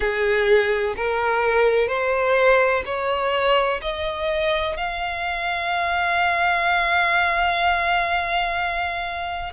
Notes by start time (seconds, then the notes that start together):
0.00 G#4
0.96 A#4
1.88 C5
2.85 C#5
3.81 D#5
4.76 F5